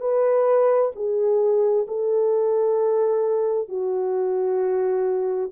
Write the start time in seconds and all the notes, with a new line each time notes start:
0.00 B4
0.95 G#4
1.88 A4
3.68 F#4